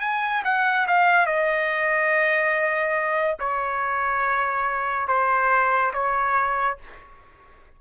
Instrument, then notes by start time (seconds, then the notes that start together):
trumpet
0.00 G#5
0.44 F#5
0.87 F5
1.26 D#5
3.39 C#5
5.07 C5
5.93 C#5